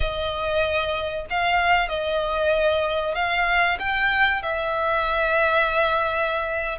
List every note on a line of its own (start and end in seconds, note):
0.00 1.26 D#5
1.29 1.89 F5
1.89 3.14 D#5
3.14 3.78 F5
3.79 4.42 G5
4.42 6.78 E5